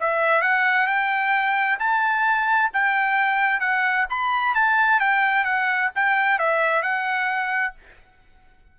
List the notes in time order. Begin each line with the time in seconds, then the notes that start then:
0.00 E5
0.42 F#5
0.87 G5
1.79 A5
2.73 G5
3.60 F#5
4.10 B5
4.55 A5
5.00 G5
5.44 F#5
5.95 G5
6.39 E5
6.82 F#5